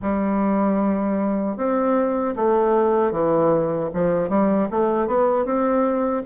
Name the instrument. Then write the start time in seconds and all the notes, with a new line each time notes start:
bassoon
0.01 G3
1.57 C4
2.36 A3
3.11 E3
3.93 F3
4.29 G3
4.70 A3
5.07 B3
5.45 C4